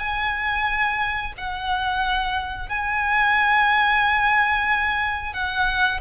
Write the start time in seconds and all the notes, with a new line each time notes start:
0.00 G#5
1.38 F#5
2.69 G#5
5.34 F#5